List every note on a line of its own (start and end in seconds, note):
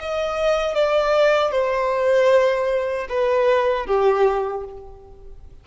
0.00 0.75 D#5
0.75 1.52 D5
1.52 3.07 C5
3.09 3.86 B4
3.86 4.64 G4